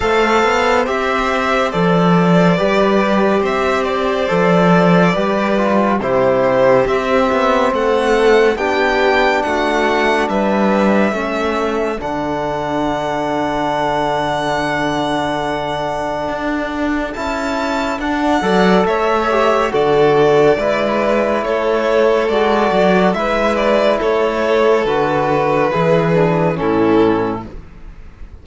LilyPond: <<
  \new Staff \with { instrumentName = "violin" } { \time 4/4 \tempo 4 = 70 f''4 e''4 d''2 | e''8 d''2~ d''8 c''4 | e''4 fis''4 g''4 fis''4 | e''2 fis''2~ |
fis''1 | a''4 fis''4 e''4 d''4~ | d''4 cis''4 d''4 e''8 d''8 | cis''4 b'2 a'4 | }
  \new Staff \with { instrumentName = "violin" } { \time 4/4 c''2. b'4 | c''2 b'4 g'4~ | g'4 a'4 g'4 fis'4 | b'4 a'2.~ |
a'1~ | a'4. d''8 cis''4 a'4 | b'4 a'2 b'4 | a'2 gis'4 e'4 | }
  \new Staff \with { instrumentName = "trombone" } { \time 4/4 a'4 g'4 a'4 g'4~ | g'4 a'4 g'8 f'8 e'4 | c'2 d'2~ | d'4 cis'4 d'2~ |
d'1 | e'4 d'8 a'4 g'8 fis'4 | e'2 fis'4 e'4~ | e'4 fis'4 e'8 d'8 cis'4 | }
  \new Staff \with { instrumentName = "cello" } { \time 4/4 a8 b8 c'4 f4 g4 | c'4 f4 g4 c4 | c'8 b8 a4 b4 a4 | g4 a4 d2~ |
d2. d'4 | cis'4 d'8 fis8 a4 d4 | gis4 a4 gis8 fis8 gis4 | a4 d4 e4 a,4 | }
>>